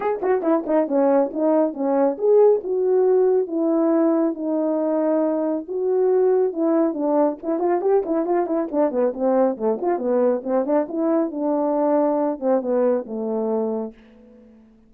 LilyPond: \new Staff \with { instrumentName = "horn" } { \time 4/4 \tempo 4 = 138 gis'8 fis'8 e'8 dis'8 cis'4 dis'4 | cis'4 gis'4 fis'2 | e'2 dis'2~ | dis'4 fis'2 e'4 |
d'4 e'8 f'8 g'8 e'8 f'8 e'8 | d'8 b8 c'4 a8 f'8 b4 | c'8 d'8 e'4 d'2~ | d'8 c'8 b4 a2 | }